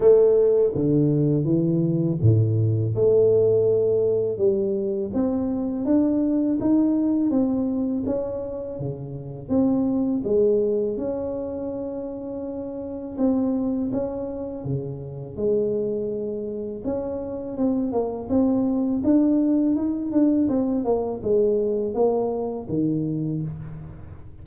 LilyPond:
\new Staff \with { instrumentName = "tuba" } { \time 4/4 \tempo 4 = 82 a4 d4 e4 a,4 | a2 g4 c'4 | d'4 dis'4 c'4 cis'4 | cis4 c'4 gis4 cis'4~ |
cis'2 c'4 cis'4 | cis4 gis2 cis'4 | c'8 ais8 c'4 d'4 dis'8 d'8 | c'8 ais8 gis4 ais4 dis4 | }